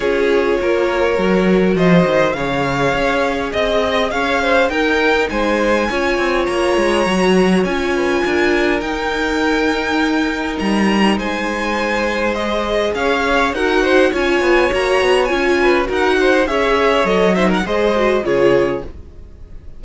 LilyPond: <<
  \new Staff \with { instrumentName = "violin" } { \time 4/4 \tempo 4 = 102 cis''2. dis''4 | f''2 dis''4 f''4 | g''4 gis''2 ais''4~ | ais''4 gis''2 g''4~ |
g''2 ais''4 gis''4~ | gis''4 dis''4 f''4 fis''4 | gis''4 ais''4 gis''4 fis''4 | e''4 dis''8 e''16 fis''16 dis''4 cis''4 | }
  \new Staff \with { instrumentName = "violin" } { \time 4/4 gis'4 ais'2 c''4 | cis''2 dis''4 cis''8 c''8 | ais'4 c''4 cis''2~ | cis''4. b'8 ais'2~ |
ais'2. c''4~ | c''2 cis''4 ais'8 c''8 | cis''2~ cis''8 b'8 ais'8 c''8 | cis''4. c''16 ais'16 c''4 gis'4 | }
  \new Staff \with { instrumentName = "viola" } { \time 4/4 f'2 fis'2 | gis'1 | dis'2 f'2 | fis'4 f'2 dis'4~ |
dis'1~ | dis'4 gis'2 fis'4 | f'4 fis'4 f'4 fis'4 | gis'4 a'8 dis'8 gis'8 fis'8 f'4 | }
  \new Staff \with { instrumentName = "cello" } { \time 4/4 cis'4 ais4 fis4 f8 dis8 | cis4 cis'4 c'4 cis'4 | dis'4 gis4 cis'8 c'8 ais8 gis8 | fis4 cis'4 d'4 dis'4~ |
dis'2 g4 gis4~ | gis2 cis'4 dis'4 | cis'8 b8 ais8 b8 cis'4 dis'4 | cis'4 fis4 gis4 cis4 | }
>>